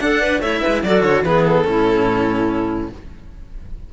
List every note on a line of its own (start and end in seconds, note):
0.00 0.40 D4
0.00 0.43 D4
0.00 0.22 A4
0.00 0.41 F#5
0.22 0.42 B4
0.40 0.61 A3
0.40 0.85 E4
0.40 0.62 C#5
0.40 0.83 E5
0.62 0.84 G#3
0.62 0.82 B4
0.84 1.03 F#3
0.84 1.26 F#4
0.84 1.25 A4
0.84 1.03 D5
1.03 1.23 D3
1.03 1.24 C#5
1.23 1.65 E3
1.23 1.65 B3
1.23 1.67 G#4
1.23 1.45 B4
1.45 2.90 A4
1.65 2.91 A2
1.65 2.89 C#4
1.65 2.93 E4